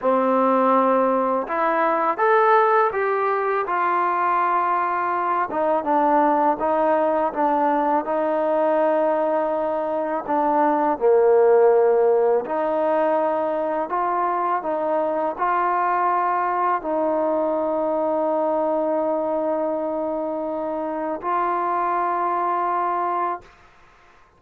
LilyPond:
\new Staff \with { instrumentName = "trombone" } { \time 4/4 \tempo 4 = 82 c'2 e'4 a'4 | g'4 f'2~ f'8 dis'8 | d'4 dis'4 d'4 dis'4~ | dis'2 d'4 ais4~ |
ais4 dis'2 f'4 | dis'4 f'2 dis'4~ | dis'1~ | dis'4 f'2. | }